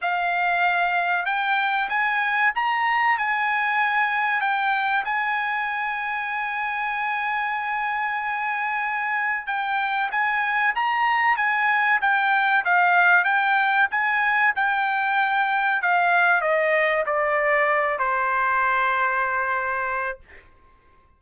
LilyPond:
\new Staff \with { instrumentName = "trumpet" } { \time 4/4 \tempo 4 = 95 f''2 g''4 gis''4 | ais''4 gis''2 g''4 | gis''1~ | gis''2. g''4 |
gis''4 ais''4 gis''4 g''4 | f''4 g''4 gis''4 g''4~ | g''4 f''4 dis''4 d''4~ | d''8 c''2.~ c''8 | }